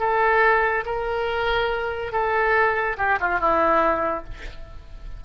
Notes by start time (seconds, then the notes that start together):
0.00 A4
0.86 A#4
2.13 A4
2.98 G4
3.21 F4
3.40 E4